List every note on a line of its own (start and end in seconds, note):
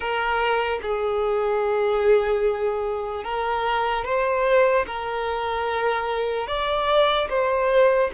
0.00 0.79 A#4
0.82 3.24 G#4
3.24 4.04 A#4
4.04 4.85 C5
4.86 6.47 A#4
6.47 7.28 D5
7.29 8.10 C5